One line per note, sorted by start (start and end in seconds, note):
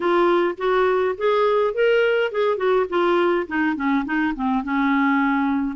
0.00 0.55 F4
0.57 1.15 F#4
1.17 1.73 G#4
1.73 2.31 A#4
2.31 2.57 G#4
2.57 2.86 F#4
2.89 3.46 F4
3.47 3.76 D#4
3.76 4.05 C#4
4.05 4.33 D#4
4.35 4.63 C4
4.63 5.76 C#4